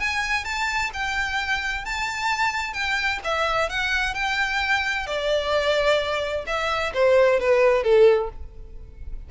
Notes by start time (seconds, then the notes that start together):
0.00 G#5
0.45 A5
0.94 G5
1.85 A5
2.74 G5
3.25 E5
3.70 F#5
4.15 G5
5.07 D5
6.47 E5
6.94 C5
7.40 B4
7.84 A4